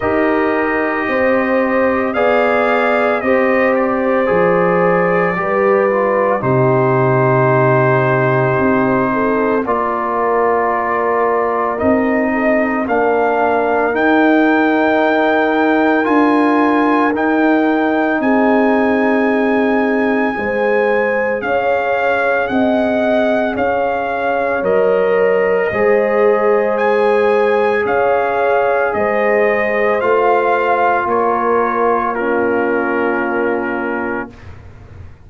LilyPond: <<
  \new Staff \with { instrumentName = "trumpet" } { \time 4/4 \tempo 4 = 56 dis''2 f''4 dis''8 d''8~ | d''2 c''2~ | c''4 d''2 dis''4 | f''4 g''2 gis''4 |
g''4 gis''2. | f''4 fis''4 f''4 dis''4~ | dis''4 gis''4 f''4 dis''4 | f''4 cis''4 ais'2 | }
  \new Staff \with { instrumentName = "horn" } { \time 4/4 ais'4 c''4 d''4 c''4~ | c''4 b'4 g'2~ | g'8 a'8 ais'2~ ais'8 a'8 | ais'1~ |
ais'4 gis'2 c''4 | cis''4 dis''4 cis''2 | c''2 cis''4 c''4~ | c''4 ais'4 f'2 | }
  \new Staff \with { instrumentName = "trombone" } { \time 4/4 g'2 gis'4 g'4 | gis'4 g'8 f'8 dis'2~ | dis'4 f'2 dis'4 | d'4 dis'2 f'4 |
dis'2. gis'4~ | gis'2. ais'4 | gis'1 | f'2 cis'2 | }
  \new Staff \with { instrumentName = "tuba" } { \time 4/4 dis'4 c'4 b4 c'4 | f4 g4 c2 | c'4 ais2 c'4 | ais4 dis'2 d'4 |
dis'4 c'2 gis4 | cis'4 c'4 cis'4 fis4 | gis2 cis'4 gis4 | a4 ais2. | }
>>